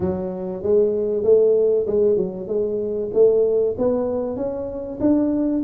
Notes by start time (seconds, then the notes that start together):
0.00 F#3
0.62 G#3
1.23 A3
1.86 G#3
2.16 F#3
2.47 G#3
3.13 A3
3.78 B3
4.36 C#4
5.00 D4